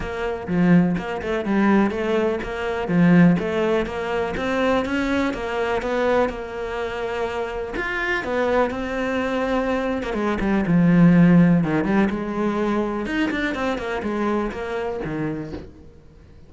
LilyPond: \new Staff \with { instrumentName = "cello" } { \time 4/4 \tempo 4 = 124 ais4 f4 ais8 a8 g4 | a4 ais4 f4 a4 | ais4 c'4 cis'4 ais4 | b4 ais2. |
f'4 b4 c'2~ | c'8. ais16 gis8 g8 f2 | dis8 g8 gis2 dis'8 d'8 | c'8 ais8 gis4 ais4 dis4 | }